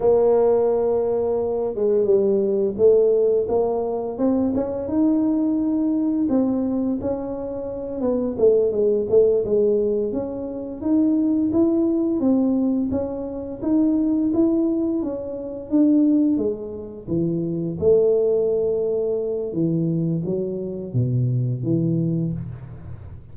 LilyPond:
\new Staff \with { instrumentName = "tuba" } { \time 4/4 \tempo 4 = 86 ais2~ ais8 gis8 g4 | a4 ais4 c'8 cis'8 dis'4~ | dis'4 c'4 cis'4. b8 | a8 gis8 a8 gis4 cis'4 dis'8~ |
dis'8 e'4 c'4 cis'4 dis'8~ | dis'8 e'4 cis'4 d'4 gis8~ | gis8 e4 a2~ a8 | e4 fis4 b,4 e4 | }